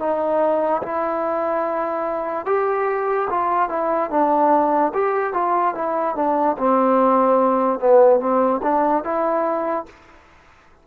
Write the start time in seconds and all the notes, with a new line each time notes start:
0.00 D#4
0.83 E4
2.46 G4
3.30 F4
3.69 E4
4.11 D4
4.94 G4
5.34 F4
5.75 E4
6.16 D4
6.58 C4
7.80 B3
8.20 C4
8.63 D4
9.04 E4